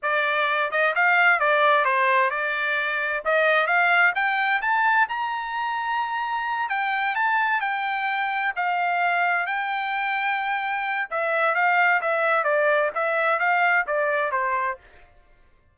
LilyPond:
\new Staff \with { instrumentName = "trumpet" } { \time 4/4 \tempo 4 = 130 d''4. dis''8 f''4 d''4 | c''4 d''2 dis''4 | f''4 g''4 a''4 ais''4~ | ais''2~ ais''8 g''4 a''8~ |
a''8 g''2 f''4.~ | f''8 g''2.~ g''8 | e''4 f''4 e''4 d''4 | e''4 f''4 d''4 c''4 | }